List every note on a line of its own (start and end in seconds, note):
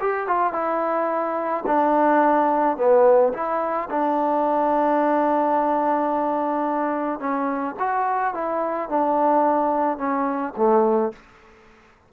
0.00 0.27 G4
0.27 0.53 F4
0.53 1.64 E4
1.66 2.77 D4
2.77 3.32 B3
3.33 3.88 E4
3.90 7.19 D4
7.19 7.75 C#4
7.79 8.34 F#4
8.34 8.89 E4
8.89 9.97 D4
9.97 10.53 C#4
10.56 11.12 A3